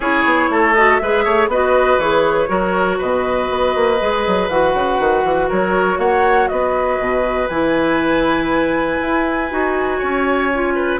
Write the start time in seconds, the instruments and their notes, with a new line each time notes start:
0.00 bassoon C#4, clarinet E4, oboe G#4, flute C#5
0.24 bassoon B3
0.49 bassoon A3, oboe A4
0.74 clarinet F#4, flute D#5
0.97 bassoon G#3, clarinet G#4, oboe B4, flute E5
1.24 bassoon A3, oboe C#5
1.47 bassoon B3, clarinet F#4, oboe B4, flute D#5
1.97 bassoon E3, clarinet G#4, flute C#5
2.47 bassoon F#3, clarinet F#4, oboe A#4
2.98 bassoon B2, oboe B4, flute D#5
3.50 bassoon B3
3.75 bassoon A#3
3.99 bassoon G#3, clarinet G#4
4.27 bassoon F#3
4.48 bassoon E3, clarinet F#4, flute F#5
4.74 bassoon C#3
4.99 bassoon D#3
5.24 bassoon E3
5.48 bassoon F#3, oboe A#4, flute C#5
5.98 bassoon A#3, oboe C#5, flute F#5
6.48 bassoon B3, oboe B4, flute D#5
6.99 bassoon B2
7.48 bassoon E3, clarinet E4, flute G#5
9.01 bassoon E4
9.50 bassoon D#4, clarinet F#4
9.98 bassoon C#4, oboe C#5
10.54 clarinet F4
10.75 oboe B4